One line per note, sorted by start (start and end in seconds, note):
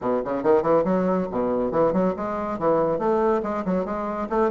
0.01 0.22 B2
0.24 0.43 C#3
0.43 0.62 D#3
0.62 0.83 E3
0.84 1.27 F#3
1.31 1.71 B2
1.71 1.93 E3
1.93 2.14 F#3
2.16 2.59 G#3
2.59 2.98 E3
2.98 3.41 A3
3.42 3.64 G#3
3.65 3.85 F#3
3.85 4.28 G#3
4.29 4.51 A3